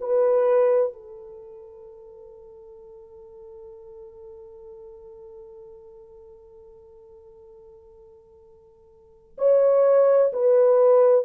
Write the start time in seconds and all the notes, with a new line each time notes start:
0.00 B4
0.92 A4
9.37 C#5
10.32 B4